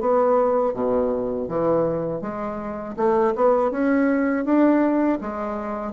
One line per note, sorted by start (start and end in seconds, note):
0.00 0.74 B3
0.74 1.48 B2
1.48 2.21 E3
2.21 2.95 G#3
2.96 3.33 A3
3.35 3.71 B3
3.71 4.45 C#4
4.45 5.19 D4
5.21 5.93 G#3